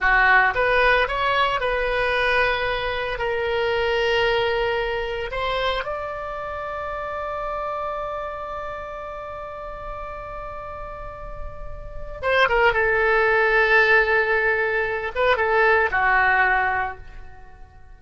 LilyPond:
\new Staff \with { instrumentName = "oboe" } { \time 4/4 \tempo 4 = 113 fis'4 b'4 cis''4 b'4~ | b'2 ais'2~ | ais'2 c''4 d''4~ | d''1~ |
d''1~ | d''2. c''8 ais'8 | a'1~ | a'8 b'8 a'4 fis'2 | }